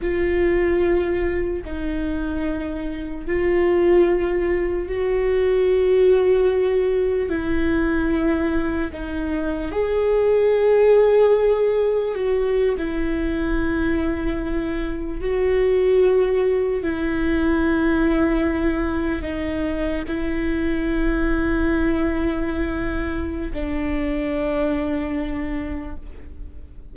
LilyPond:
\new Staff \with { instrumentName = "viola" } { \time 4/4 \tempo 4 = 74 f'2 dis'2 | f'2 fis'2~ | fis'4 e'2 dis'4 | gis'2. fis'8. e'16~ |
e'2~ e'8. fis'4~ fis'16~ | fis'8. e'2. dis'16~ | dis'8. e'2.~ e'16~ | e'4 d'2. | }